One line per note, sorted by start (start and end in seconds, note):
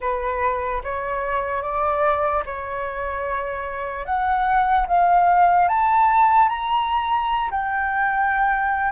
0.00 0.81 B4
0.83 1.62 C#5
1.62 2.43 D5
2.45 4.05 C#5
4.05 4.86 F#5
4.87 5.68 F5
5.68 6.49 A5
6.49 7.50 A#5
7.50 8.92 G5